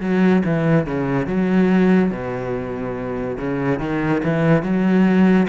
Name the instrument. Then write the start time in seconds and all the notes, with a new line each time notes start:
cello
0.00 F#3
0.45 E3
0.86 C#3
1.27 F#3
2.10 B2
3.38 C#3
3.79 D#3
4.23 E3
4.62 F#3